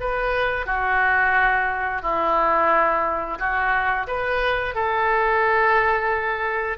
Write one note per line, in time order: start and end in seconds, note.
0.00 0.66 B4
0.66 2.02 F#4
2.02 3.38 E4
3.39 4.07 F#4
4.07 4.74 B4
4.74 6.78 A4